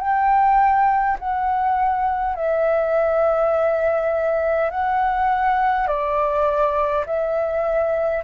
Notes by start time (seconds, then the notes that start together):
0.00 G5
1.19 F#5
2.35 E5
4.70 F#5
5.87 D5
7.06 E5